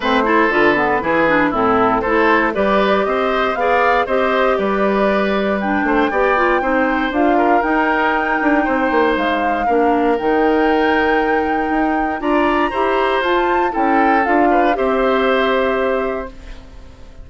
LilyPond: <<
  \new Staff \with { instrumentName = "flute" } { \time 4/4 \tempo 4 = 118 c''4 b'2 a'4 | c''4 d''4 dis''4 f''4 | dis''4 d''2 g''4~ | g''2 f''4 g''4~ |
g''2 f''2 | g''1 | ais''2 a''4 g''4 | f''4 e''2. | }
  \new Staff \with { instrumentName = "oboe" } { \time 4/4 b'8 a'4. gis'4 e'4 | a'4 b'4 c''4 d''4 | c''4 b'2~ b'8 c''8 | d''4 c''4. ais'4.~ |
ais'4 c''2 ais'4~ | ais'1 | d''4 c''2 a'4~ | a'8 b'8 c''2. | }
  \new Staff \with { instrumentName = "clarinet" } { \time 4/4 c'8 e'8 f'8 b8 e'8 d'8 c'4 | e'4 g'2 gis'4 | g'2. d'4 | g'8 f'8 dis'4 f'4 dis'4~ |
dis'2. d'4 | dis'1 | f'4 g'4 f'4 e'4 | f'4 g'2. | }
  \new Staff \with { instrumentName = "bassoon" } { \time 4/4 a4 d4 e4 a,4 | a4 g4 c'4 b4 | c'4 g2~ g8 a8 | b4 c'4 d'4 dis'4~ |
dis'8 d'8 c'8 ais8 gis4 ais4 | dis2. dis'4 | d'4 e'4 f'4 cis'4 | d'4 c'2. | }
>>